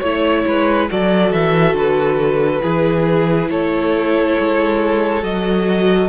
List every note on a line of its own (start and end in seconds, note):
0.00 0.45 A3
0.00 0.89 E4
0.00 0.43 C#5
0.00 0.87 C#5
0.46 0.90 G#3
0.46 0.91 B4
0.89 1.33 F#3
0.89 2.61 F#4
0.89 2.62 A4
0.89 1.33 D5
1.33 1.74 E3
1.33 1.76 E5
1.74 2.61 D3
1.74 3.51 B4
2.61 3.50 E3
2.61 5.22 E4
2.61 3.49 G#4
3.50 4.37 A3
3.50 6.09 A4
3.50 5.24 C#5
4.40 5.23 G#3
5.23 6.09 F#3
5.23 6.09 F#4
5.23 6.09 D#5